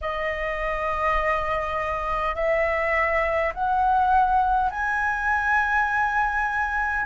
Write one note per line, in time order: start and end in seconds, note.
0.01 2.35 D#5
2.35 3.52 E5
3.53 4.70 F#5
4.70 7.05 G#5